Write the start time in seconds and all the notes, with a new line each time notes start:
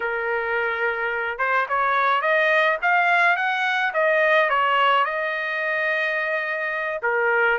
0.00 A#4
1.38 C5
1.68 C#5
2.21 D#5
2.82 F5
3.36 F#5
3.93 D#5
4.49 C#5
5.04 D#5
7.02 A#4